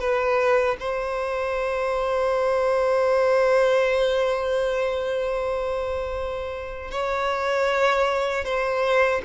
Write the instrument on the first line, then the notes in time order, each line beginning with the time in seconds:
violin
0.00 B4
0.80 C5
6.91 C#5
8.45 C5